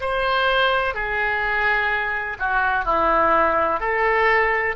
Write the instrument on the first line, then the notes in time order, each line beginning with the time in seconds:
oboe
0.00 C5
0.94 G#4
2.39 F#4
2.85 E4
3.80 A4